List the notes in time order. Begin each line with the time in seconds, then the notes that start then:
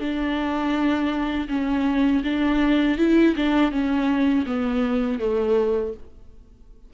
0.00 D4
1.49 C#4
2.24 D4
2.98 E4
3.37 D4
3.72 C#4
4.47 B3
5.20 A3